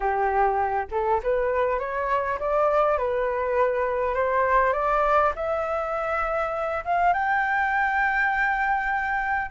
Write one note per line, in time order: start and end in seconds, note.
0.00 0.87 G4
0.91 1.20 A4
1.23 1.79 B4
1.79 2.38 C#5
2.39 2.98 D5
2.98 4.14 B4
4.14 4.73 C5
4.73 5.32 D5
5.35 6.83 E5
6.85 7.13 F5
7.13 9.50 G5